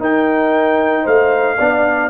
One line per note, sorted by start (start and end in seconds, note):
0.00 1.05 D#4
0.00 1.58 D#4
0.00 1.03 A#4
0.00 1.07 G5
1.03 1.59 A3
1.03 1.56 C5
1.03 2.10 F5
1.57 2.10 B3
1.57 2.10 D4
1.57 2.10 D5